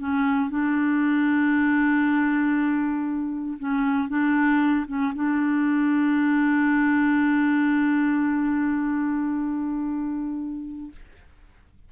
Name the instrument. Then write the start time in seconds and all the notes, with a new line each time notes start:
clarinet
0.00 C#4
0.50 D4
3.59 C#4
4.09 D4
4.88 C#4
5.15 D4